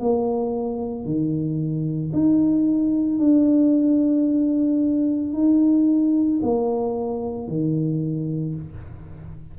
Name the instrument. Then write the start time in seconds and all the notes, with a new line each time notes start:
tuba
0.00 A#3
1.05 D#3
2.13 D#4
3.19 D4
5.33 D#4
6.42 A#3
7.48 D#3